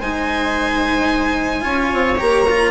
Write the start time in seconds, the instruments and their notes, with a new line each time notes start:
0.00 bassoon G#3, cello D#4, viola C5, violin G#5
1.61 bassoon C#4, cello F4, viola C#5
1.93 bassoon C4
2.18 bassoon A#3, cello G4, violin A#5
2.50 cello F4